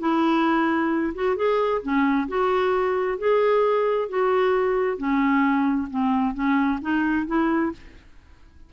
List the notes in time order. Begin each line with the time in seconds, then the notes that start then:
0.00 E4
1.15 F#4
1.37 G#4
1.83 C#4
2.29 F#4
3.19 G#4
4.10 F#4
4.98 C#4
5.90 C4
6.35 C#4
6.82 D#4
7.27 E4